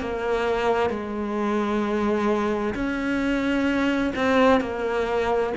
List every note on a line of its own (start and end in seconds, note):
0.00 0.89 A#3
0.89 2.74 G#3
2.74 4.13 C#4
4.15 4.61 C4
4.61 5.53 A#3